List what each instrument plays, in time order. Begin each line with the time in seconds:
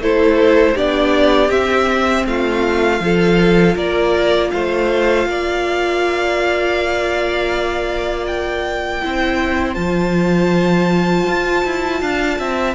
0.00 cello A3, viola E4, violin A4 C5
0.74 cello B3, viola D4, violin G4 D5
1.49 cello C4, viola C4, violin E5
2.26 cello A3, violin F4 F5
3.00 cello F3, viola F4, violin A4
3.75 cello A#3, violin A#4 D5
4.51 cello A3, violin C5 F5
5.26 cello A#3, violin D5
8.27 violin G5
9.01 cello C4, viola E4, violin C5
9.74 cello F3, viola F4, violin A5
11.27 cello F4
11.65 cello E4
12.01 cello D4, violin F5
12.38 cello C4, violin E5